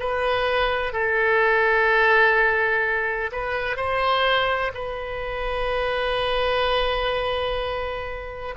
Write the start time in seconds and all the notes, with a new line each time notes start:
0.00 B4
0.93 A4
3.32 B4
3.77 C5
4.74 B4